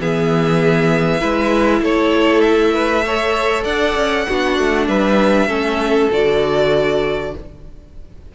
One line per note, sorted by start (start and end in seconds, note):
0.00 1.22 E3
0.00 1.20 B3
0.00 1.20 G#4
0.00 1.84 E5
1.20 1.81 G#3
1.20 3.04 E4
1.20 1.82 B4
1.81 3.64 A3
1.81 2.74 A4
1.81 2.41 C#5
2.41 3.63 E5
2.74 3.05 B4
3.06 4.30 A4
3.06 3.64 C#5
3.64 3.95 D4
3.64 4.26 D5
3.64 4.87 F#5
3.96 4.27 C#4
4.28 4.59 B3
4.28 5.48 D4
4.28 4.88 F#4
4.59 4.88 A3
4.88 5.47 G3
4.88 5.48 B4
4.88 6.10 E5
5.47 6.09 A3
5.47 6.09 C#4
5.47 7.32 A4
6.12 7.34 D3
6.12 7.35 F#4
6.12 7.36 D5